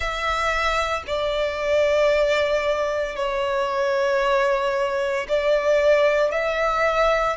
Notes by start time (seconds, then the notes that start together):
0.00 E5
1.06 D5
3.16 C#5
5.28 D5
6.31 E5